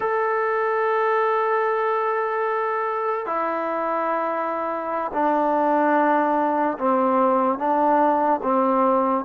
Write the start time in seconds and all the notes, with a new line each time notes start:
0.00 A4
3.26 E4
5.13 D4
6.78 C4
7.58 D4
8.42 C4